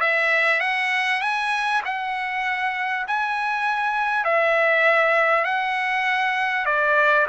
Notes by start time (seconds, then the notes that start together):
0.00 E5
0.60 F#5
1.21 G#5
1.84 F#5
3.07 G#5
4.24 E5
5.44 F#5
6.65 D5